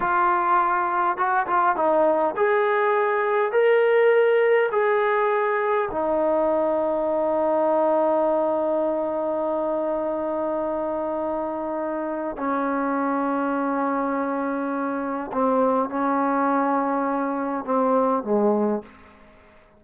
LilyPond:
\new Staff \with { instrumentName = "trombone" } { \time 4/4 \tempo 4 = 102 f'2 fis'8 f'8 dis'4 | gis'2 ais'2 | gis'2 dis'2~ | dis'1~ |
dis'1~ | dis'4 cis'2.~ | cis'2 c'4 cis'4~ | cis'2 c'4 gis4 | }